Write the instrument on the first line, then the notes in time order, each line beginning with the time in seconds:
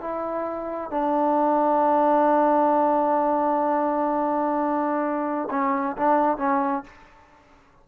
trombone
0.00 E4
0.90 D4
5.50 C#4
5.96 D4
6.37 C#4